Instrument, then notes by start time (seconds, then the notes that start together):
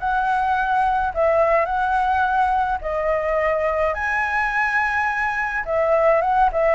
flute
0.00 F#5
1.15 E5
1.66 F#5
2.82 D#5
3.95 G#5
5.66 E5
6.22 F#5
6.52 E5